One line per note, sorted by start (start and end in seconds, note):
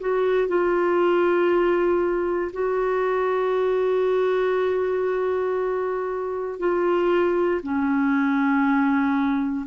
0.00 0.48 F#4
0.48 2.51 F4
2.53 6.59 F#4
6.59 7.61 F4
7.63 9.66 C#4